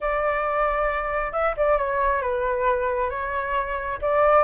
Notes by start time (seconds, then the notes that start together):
0.00 D5
1.32 E5
1.57 D5
1.77 C#5
2.21 B4
3.09 C#5
4.01 D5